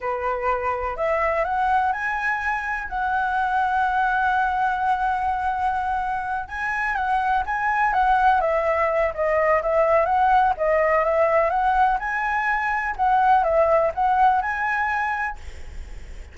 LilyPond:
\new Staff \with { instrumentName = "flute" } { \time 4/4 \tempo 4 = 125 b'2 e''4 fis''4 | gis''2 fis''2~ | fis''1~ | fis''4. gis''4 fis''4 gis''8~ |
gis''8 fis''4 e''4. dis''4 | e''4 fis''4 dis''4 e''4 | fis''4 gis''2 fis''4 | e''4 fis''4 gis''2 | }